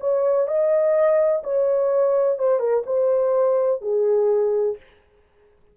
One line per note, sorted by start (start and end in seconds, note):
0.00 0.47 C#5
0.47 1.42 D#5
1.43 2.39 C#5
2.39 2.59 C5
2.59 2.83 A#4
2.86 3.81 C5
3.81 4.77 G#4